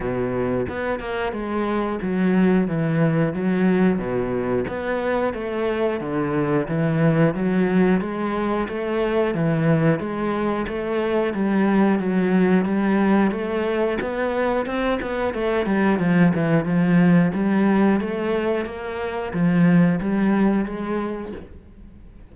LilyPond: \new Staff \with { instrumentName = "cello" } { \time 4/4 \tempo 4 = 90 b,4 b8 ais8 gis4 fis4 | e4 fis4 b,4 b4 | a4 d4 e4 fis4 | gis4 a4 e4 gis4 |
a4 g4 fis4 g4 | a4 b4 c'8 b8 a8 g8 | f8 e8 f4 g4 a4 | ais4 f4 g4 gis4 | }